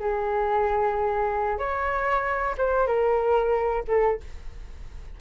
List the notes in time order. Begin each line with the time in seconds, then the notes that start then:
0.00 G#4
1.59 C#5
2.58 C5
2.87 A#4
3.88 A4